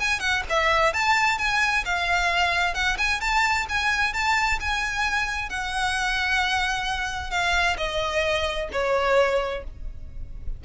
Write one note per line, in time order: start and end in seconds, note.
0.00 0.20 G#5
0.20 0.43 F#5
0.50 0.93 E5
0.93 1.38 A5
1.38 1.84 G#5
1.85 2.74 F5
2.74 2.97 F#5
2.98 3.21 G#5
3.21 3.66 A5
3.69 4.13 G#5
4.13 4.59 A5
4.60 5.49 G#5
5.49 7.31 F#5
7.31 7.76 F5
7.78 8.69 D#5
8.72 9.64 C#5